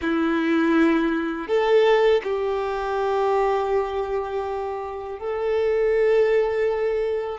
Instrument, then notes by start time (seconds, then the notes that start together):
violin
0.01 E4
1.47 A4
2.23 G4
5.19 A4